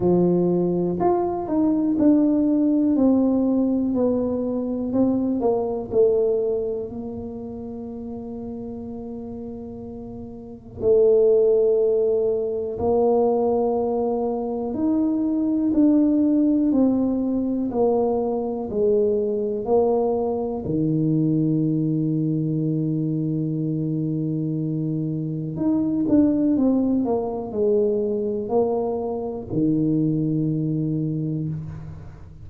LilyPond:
\new Staff \with { instrumentName = "tuba" } { \time 4/4 \tempo 4 = 61 f4 f'8 dis'8 d'4 c'4 | b4 c'8 ais8 a4 ais4~ | ais2. a4~ | a4 ais2 dis'4 |
d'4 c'4 ais4 gis4 | ais4 dis2.~ | dis2 dis'8 d'8 c'8 ais8 | gis4 ais4 dis2 | }